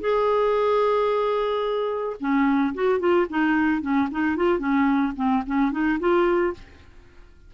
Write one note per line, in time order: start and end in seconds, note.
0.00 2.16 G#4
2.20 2.74 C#4
2.74 2.99 F#4
2.99 3.26 F4
3.29 3.81 D#4
3.81 4.08 C#4
4.11 4.36 D#4
4.36 4.58 F4
4.58 5.13 C#4
5.16 5.43 C4
5.46 5.71 C#4
5.71 5.98 D#4
5.99 6.53 F4